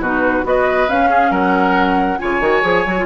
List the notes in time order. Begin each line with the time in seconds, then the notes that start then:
0.00 B2 D#4 F#4 B4
0.44 B3 F#4 B4 D#5
0.89 C#4 F5
1.10 G#4
1.31 F#3 A#4 F#5
2.19 C#3 F4 C#5 G#5
2.40 D#3 F#4
2.63 F3 G#4
2.86 F#3 F#4
2.99 F4